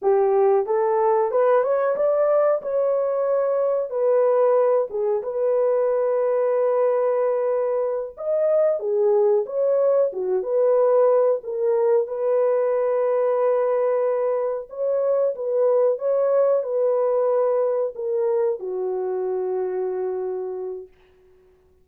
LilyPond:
\new Staff \with { instrumentName = "horn" } { \time 4/4 \tempo 4 = 92 g'4 a'4 b'8 cis''8 d''4 | cis''2 b'4. gis'8 | b'1~ | b'8 dis''4 gis'4 cis''4 fis'8 |
b'4. ais'4 b'4.~ | b'2~ b'8 cis''4 b'8~ | b'8 cis''4 b'2 ais'8~ | ais'8 fis'2.~ fis'8 | }